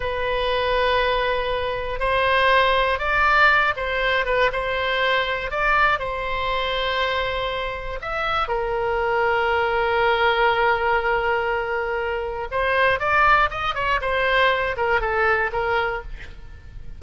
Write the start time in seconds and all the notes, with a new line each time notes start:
0.00 B4
1.99 C5
2.99 D5
3.76 C5
4.25 B4
4.52 C5
5.50 D5
5.99 C5
8.01 E5
8.47 A#4
12.51 C5
12.99 D5
13.50 D#5
13.75 C#5
14.01 C5
14.77 A#4
15.00 A4
15.52 A#4